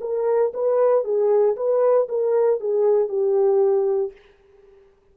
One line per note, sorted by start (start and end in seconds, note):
0.00 0.52 A#4
0.53 1.04 B4
1.04 1.56 G#4
1.56 2.07 B4
2.08 2.60 A#4
2.60 3.08 G#4
3.08 4.11 G4